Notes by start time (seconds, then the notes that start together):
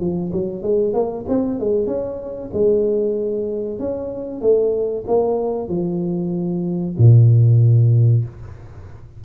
0.00 F3
0.32 F#3
0.62 G#3
0.93 A#3
1.28 C4
1.60 G#3
1.87 C#4
2.53 G#3
3.79 C#4
4.41 A3
5.07 A#3
5.68 F3
6.98 A#2